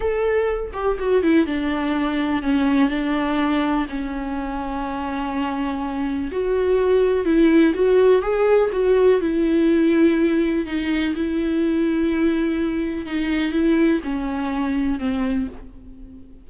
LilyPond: \new Staff \with { instrumentName = "viola" } { \time 4/4 \tempo 4 = 124 a'4. g'8 fis'8 e'8 d'4~ | d'4 cis'4 d'2 | cis'1~ | cis'4 fis'2 e'4 |
fis'4 gis'4 fis'4 e'4~ | e'2 dis'4 e'4~ | e'2. dis'4 | e'4 cis'2 c'4 | }